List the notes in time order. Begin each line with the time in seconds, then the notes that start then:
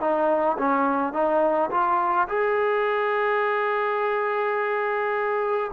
0.00 D#4
0.58 C#4
1.13 D#4
1.71 F4
2.28 G#4